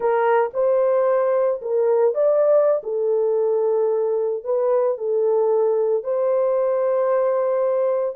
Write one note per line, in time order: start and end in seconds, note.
0.00 0.51 A#4
0.53 1.60 C5
1.61 2.14 A#4
2.14 2.81 D5
2.83 4.43 A4
4.44 4.97 B4
4.97 6.03 A4
6.03 8.15 C5